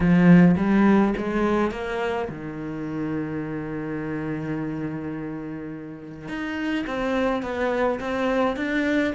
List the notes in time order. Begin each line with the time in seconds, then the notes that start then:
0.00 F3
0.56 G3
1.17 G#3
1.71 A#3
2.29 D#3
6.28 D#4
6.86 C4
7.42 B3
8.00 C4
8.56 D4